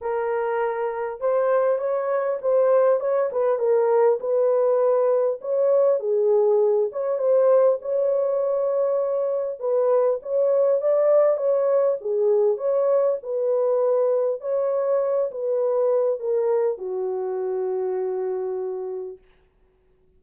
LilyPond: \new Staff \with { instrumentName = "horn" } { \time 4/4 \tempo 4 = 100 ais'2 c''4 cis''4 | c''4 cis''8 b'8 ais'4 b'4~ | b'4 cis''4 gis'4. cis''8 | c''4 cis''2. |
b'4 cis''4 d''4 cis''4 | gis'4 cis''4 b'2 | cis''4. b'4. ais'4 | fis'1 | }